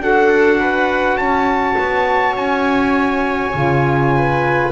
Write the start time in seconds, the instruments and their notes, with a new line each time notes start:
0.00 double bass D4, saxophone F#4, viola A4, trumpet F#5
0.61 viola B4
1.18 double bass C#4, viola C#5, trumpet A5
1.78 double bass B3
2.36 double bass C#4, trumpet G#5
3.54 double bass C#3, saxophone F4
4.16 viola B4